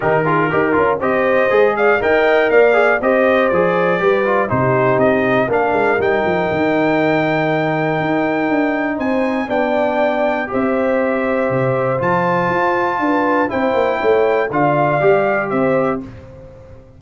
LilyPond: <<
  \new Staff \with { instrumentName = "trumpet" } { \time 4/4 \tempo 4 = 120 ais'2 dis''4. f''8 | g''4 f''4 dis''4 d''4~ | d''4 c''4 dis''4 f''4 | g''1~ |
g''2 gis''4 g''4~ | g''4 e''2. | a''2. g''4~ | g''4 f''2 e''4 | }
  \new Staff \with { instrumentName = "horn" } { \time 4/4 g'8 gis'8 ais'4 c''4. d''8 | dis''4 d''4 c''2 | b'4 g'2 ais'4~ | ais'1~ |
ais'2 c''4 d''4~ | d''4 c''2.~ | c''2 b'4 c''4 | cis''4 d''2 c''4 | }
  \new Staff \with { instrumentName = "trombone" } { \time 4/4 dis'8 f'8 g'8 f'8 g'4 gis'4 | ais'4. gis'8 g'4 gis'4 | g'8 f'8 dis'2 d'4 | dis'1~ |
dis'2. d'4~ | d'4 g'2. | f'2. e'4~ | e'4 f'4 g'2 | }
  \new Staff \with { instrumentName = "tuba" } { \time 4/4 dis4 dis'8 cis'8 c'4 gis4 | dis'4 ais4 c'4 f4 | g4 c4 c'4 ais8 gis8 | g8 f8 dis2. |
dis'4 d'4 c'4 b4~ | b4 c'2 c4 | f4 f'4 d'4 c'8 ais8 | a4 d4 g4 c'4 | }
>>